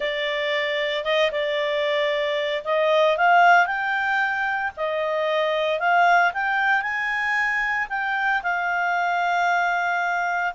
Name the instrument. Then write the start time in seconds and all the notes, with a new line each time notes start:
clarinet
0.00 D5
1.04 D#5
1.31 D5
2.64 D#5
3.17 F5
3.66 G5
4.76 D#5
5.79 F5
6.33 G5
6.82 G#5
7.89 G5
8.42 F5